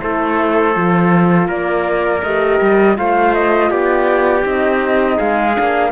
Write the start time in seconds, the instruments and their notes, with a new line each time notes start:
0.00 cello A3, horn E4, trumpet A4, flute C5
0.73 cello F3, horn F4
1.47 cello A#3, trumpet A#4, flute D5
2.22 cello A3, horn G4, flute D#5
2.60 cello G3
2.96 cello A3, horn F4, trumpet C5, flute F5
3.33 flute D#5
3.70 cello B3, trumpet G4, flute D5
4.41 cello C4, horn D#4, flute D#5
5.16 cello G#3, trumpet G#4, flute F5
5.55 cello A#3, horn D4